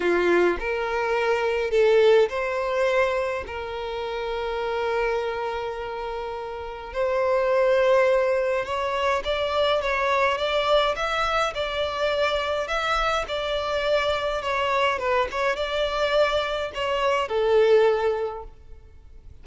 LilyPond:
\new Staff \with { instrumentName = "violin" } { \time 4/4 \tempo 4 = 104 f'4 ais'2 a'4 | c''2 ais'2~ | ais'1 | c''2. cis''4 |
d''4 cis''4 d''4 e''4 | d''2 e''4 d''4~ | d''4 cis''4 b'8 cis''8 d''4~ | d''4 cis''4 a'2 | }